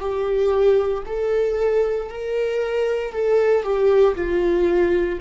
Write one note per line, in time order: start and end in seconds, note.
0.00 1.03 G4
1.06 2.09 A4
2.09 3.13 A#4
3.13 3.63 A4
3.63 4.15 G4
4.15 5.19 F4